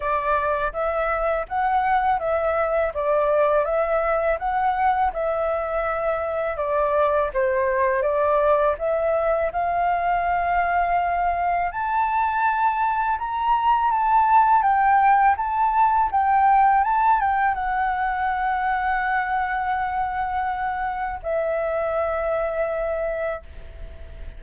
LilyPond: \new Staff \with { instrumentName = "flute" } { \time 4/4 \tempo 4 = 82 d''4 e''4 fis''4 e''4 | d''4 e''4 fis''4 e''4~ | e''4 d''4 c''4 d''4 | e''4 f''2. |
a''2 ais''4 a''4 | g''4 a''4 g''4 a''8 g''8 | fis''1~ | fis''4 e''2. | }